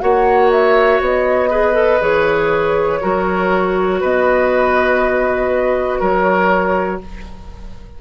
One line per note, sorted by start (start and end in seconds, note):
0.00 1.00 A#3
0.00 1.50 F#4
0.00 1.50 C#5
0.00 0.50 F#5
0.51 1.01 E5
1.00 2.00 B3
1.00 2.02 D#5
1.50 1.73 G#4
1.50 3.00 B4
1.73 1.98 A4
2.00 3.01 E3
2.00 3.00 G#4
2.00 4.02 C#5
3.01 4.02 F#3
3.01 7.01 F#4
3.01 4.00 A#4
4.00 6.00 B3
4.00 5.99 B4
4.00 6.01 D#5
5.99 7.00 F#3
5.99 6.99 A#4
5.99 7.01 C#5